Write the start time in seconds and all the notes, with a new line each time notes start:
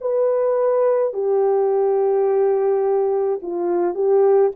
0.00 B4
1.13 G4
3.42 F4
3.94 G4